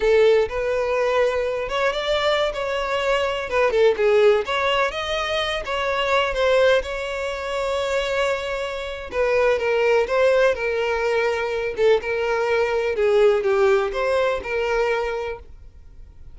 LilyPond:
\new Staff \with { instrumentName = "violin" } { \time 4/4 \tempo 4 = 125 a'4 b'2~ b'8 cis''8 | d''4~ d''16 cis''2 b'8 a'16~ | a'16 gis'4 cis''4 dis''4. cis''16~ | cis''4~ cis''16 c''4 cis''4.~ cis''16~ |
cis''2. b'4 | ais'4 c''4 ais'2~ | ais'8 a'8 ais'2 gis'4 | g'4 c''4 ais'2 | }